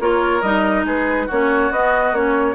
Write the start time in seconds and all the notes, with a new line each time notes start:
0.00 A#3 F4 A#4 C#5
0.42 G3 D#4 D#5
0.85 G#3 G#4 B4
1.27 A#3 C#4 F#4 C#5
1.71 B3 D#5
2.13 A#3 C#4 C#5